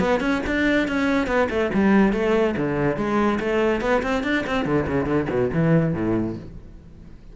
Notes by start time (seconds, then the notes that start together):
0.00 B3
0.21 C#4
0.47 D4
0.88 C#4
1.27 B3
1.50 A3
1.74 G3
2.13 A3
2.57 D3
2.97 G#3
3.40 A3
3.81 B3
4.03 C4
4.24 D4
4.47 C4
4.66 D3
4.88 C#3
5.06 D3
5.30 B2
5.53 E3
5.94 A2